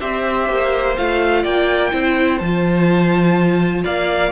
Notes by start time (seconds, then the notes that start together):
0.00 C4 G4 C5 E5
0.49 A#3
0.97 A3 F4 F5
1.43 A#3 D5 G5
1.92 C4 E4 C5
2.38 F3 F4 A5
3.85 A#3 D5 F5